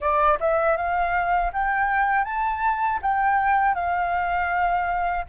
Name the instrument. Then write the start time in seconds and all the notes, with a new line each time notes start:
flute
0.00 D5
0.40 E5
0.76 F5
1.52 G5
2.24 A5
3.02 G5
3.75 F5